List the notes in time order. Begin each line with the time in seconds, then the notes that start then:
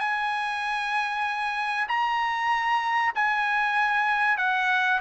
0.00 G#5
1.88 A#5
3.15 G#5
4.38 F#5